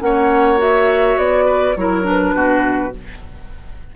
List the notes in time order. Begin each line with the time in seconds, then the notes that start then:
0.00 A#3 C#4 C#5 F#5
0.58 F#4 E5
1.17 B3 D5
1.46 B4
1.76 F#3 E4 A#4 C#5
2.03 D4 B4
2.34 B2 F#4